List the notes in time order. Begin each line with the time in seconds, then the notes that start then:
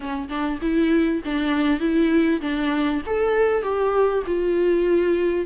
0.00 C#4
0.28 D4
0.61 E4
1.24 D4
1.80 E4
2.41 D4
3.06 A4
3.62 G4
4.26 F4